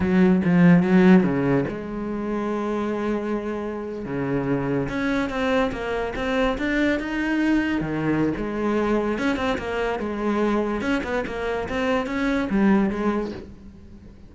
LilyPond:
\new Staff \with { instrumentName = "cello" } { \time 4/4 \tempo 4 = 144 fis4 f4 fis4 cis4 | gis1~ | gis4.~ gis16 cis2 cis'16~ | cis'8. c'4 ais4 c'4 d'16~ |
d'8. dis'2 dis4~ dis16 | gis2 cis'8 c'8 ais4 | gis2 cis'8 b8 ais4 | c'4 cis'4 g4 gis4 | }